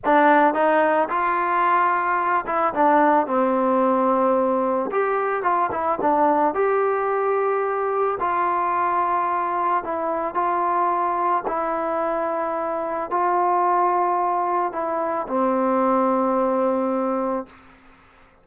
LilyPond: \new Staff \with { instrumentName = "trombone" } { \time 4/4 \tempo 4 = 110 d'4 dis'4 f'2~ | f'8 e'8 d'4 c'2~ | c'4 g'4 f'8 e'8 d'4 | g'2. f'4~ |
f'2 e'4 f'4~ | f'4 e'2. | f'2. e'4 | c'1 | }